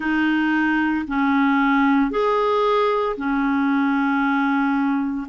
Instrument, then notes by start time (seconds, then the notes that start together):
clarinet
0.00 D#4
1.07 C#4
2.11 G#4
3.16 C#4